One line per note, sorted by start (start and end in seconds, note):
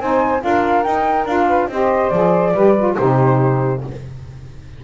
0.00 0.43 C4
0.00 0.40 D#4
0.00 0.43 C5
0.00 0.43 G#5
0.40 0.86 D4
0.40 0.83 F4
0.40 1.47 A#4
0.40 0.83 F5
0.83 1.27 D#4
0.83 1.26 D#4
0.83 1.26 G5
1.26 1.68 D4
1.26 1.70 F4
1.26 1.70 F5
1.47 1.69 B4
1.68 2.11 C4
1.68 2.13 G4
1.68 2.53 C5
1.68 2.10 D#5
2.10 2.54 F3
2.10 2.55 G#4
2.10 2.95 D5
2.53 2.97 G3
2.53 2.77 G4
2.53 2.96 B4
2.78 2.98 F4
2.97 3.84 C3
2.97 3.83 D#4
2.97 3.83 G4
2.97 3.82 C5